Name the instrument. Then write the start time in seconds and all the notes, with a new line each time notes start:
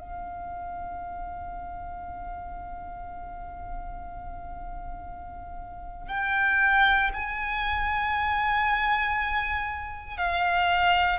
violin
0.00 F5
6.09 G5
7.14 G#5
10.18 F5